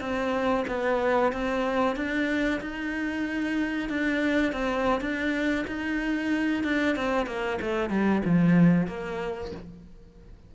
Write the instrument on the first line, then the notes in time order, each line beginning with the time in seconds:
cello
0.00 C4
0.67 B3
1.32 C4
1.96 D4
2.61 D#4
3.89 D4
4.52 C4
5.01 D4
5.67 D#4
6.64 D4
6.96 C4
7.26 A#3
7.61 A3
7.89 G3
8.25 F3
8.87 A#3